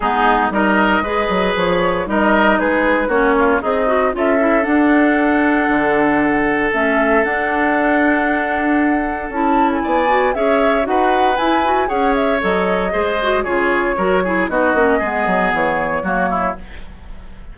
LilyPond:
<<
  \new Staff \with { instrumentName = "flute" } { \time 4/4 \tempo 4 = 116 gis'4 dis''2 cis''4 | dis''4 b'4 cis''4 dis''4 | e''4 fis''2.~ | fis''4 e''4 fis''2~ |
fis''2 a''8. gis''4~ gis''16 | e''4 fis''4 gis''4 fis''8 e''8 | dis''2 cis''2 | dis''2 cis''2 | }
  \new Staff \with { instrumentName = "oboe" } { \time 4/4 dis'4 ais'4 b'2 | ais'4 gis'4 fis'8 f'8 dis'4 | a'1~ | a'1~ |
a'2. d''4 | cis''4 b'2 cis''4~ | cis''4 c''4 gis'4 ais'8 gis'8 | fis'4 gis'2 fis'8 e'8 | }
  \new Staff \with { instrumentName = "clarinet" } { \time 4/4 b4 dis'4 gis'2 | dis'2 cis'4 gis'8 fis'8 | f'8 e'8 d'2.~ | d'4 cis'4 d'2~ |
d'2 e'4. fis'8 | gis'4 fis'4 e'8 fis'8 gis'4 | a'4 gis'8 fis'8 f'4 fis'8 e'8 | dis'8 cis'8 b2 ais4 | }
  \new Staff \with { instrumentName = "bassoon" } { \time 4/4 gis4 g4 gis8 fis8 f4 | g4 gis4 ais4 c'4 | cis'4 d'2 d4~ | d4 a4 d'2~ |
d'2 cis'4 b4 | cis'4 dis'4 e'4 cis'4 | fis4 gis4 cis4 fis4 | b8 ais8 gis8 fis8 e4 fis4 | }
>>